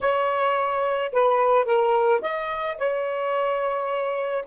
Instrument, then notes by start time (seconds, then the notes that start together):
saxophone
0.01 C#5
1.12 B4
1.65 A#4
2.21 D#5
2.78 C#5